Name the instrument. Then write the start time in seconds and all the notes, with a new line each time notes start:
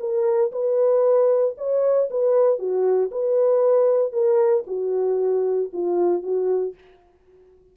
horn
0.00 A#4
0.52 B4
1.58 C#5
2.10 B4
2.59 F#4
3.11 B4
4.12 A#4
4.67 F#4
5.73 F4
6.23 F#4